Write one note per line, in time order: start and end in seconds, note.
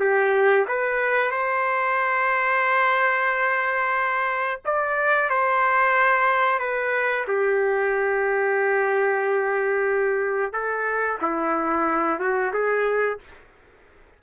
0.00 0.66 G4
0.68 1.32 B4
1.32 4.61 C5
4.65 5.30 D5
5.30 6.59 C5
6.59 7.25 B4
7.28 10.53 G4
10.53 11.19 A4
11.22 12.20 E4
12.20 12.53 F#4
12.53 13.19 G#4